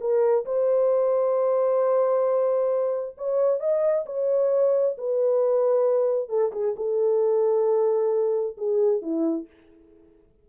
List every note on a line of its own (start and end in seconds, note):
0.00 0.45 A#4
0.45 3.16 C5
3.17 3.60 C#5
3.60 4.05 D#5
4.06 4.96 C#5
4.98 6.29 B4
6.29 6.51 A4
6.52 6.75 G#4
6.76 8.57 A4
8.57 9.02 G#4
9.02 9.47 E4